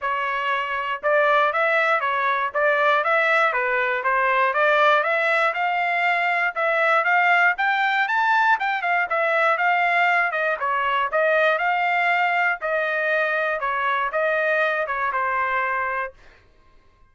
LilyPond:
\new Staff \with { instrumentName = "trumpet" } { \time 4/4 \tempo 4 = 119 cis''2 d''4 e''4 | cis''4 d''4 e''4 b'4 | c''4 d''4 e''4 f''4~ | f''4 e''4 f''4 g''4 |
a''4 g''8 f''8 e''4 f''4~ | f''8 dis''8 cis''4 dis''4 f''4~ | f''4 dis''2 cis''4 | dis''4. cis''8 c''2 | }